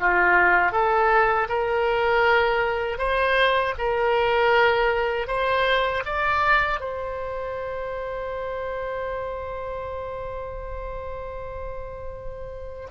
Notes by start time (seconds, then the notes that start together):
0.00 F4
0.72 A4
1.49 A#4
2.98 C5
3.78 A#4
5.28 C5
6.06 D5
6.80 C5